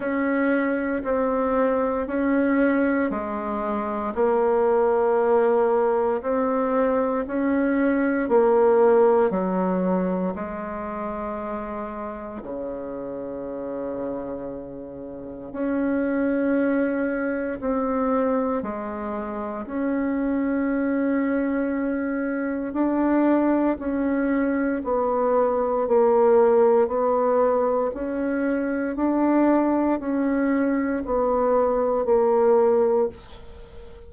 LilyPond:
\new Staff \with { instrumentName = "bassoon" } { \time 4/4 \tempo 4 = 58 cis'4 c'4 cis'4 gis4 | ais2 c'4 cis'4 | ais4 fis4 gis2 | cis2. cis'4~ |
cis'4 c'4 gis4 cis'4~ | cis'2 d'4 cis'4 | b4 ais4 b4 cis'4 | d'4 cis'4 b4 ais4 | }